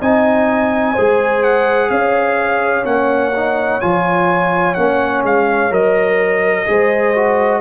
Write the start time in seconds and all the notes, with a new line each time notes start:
0.00 C4 D#4 D#5 G#5
0.93 G#3 G#4 C5
1.44 F#5
1.90 C#4 C#5 F5
2.85 A#3 C#4 F#5
3.36 D#4
3.81 F3 F4 G#5
4.74 A#3 C#4 F#5
5.23 G#3 F5
5.71 F#3 A#4 D#5
6.66 G#3 G#4 C5
7.15 F#4